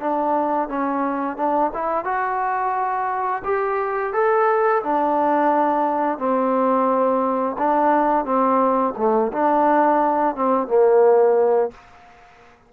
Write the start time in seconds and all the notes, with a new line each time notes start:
0.00 D4
0.68 C#4
1.36 D4
1.74 E4
2.05 F#4
3.44 G4
4.13 A4
4.83 D4
6.18 C4
7.58 D4
8.25 C4
8.97 A3
9.32 D4
10.35 C4
10.67 A#3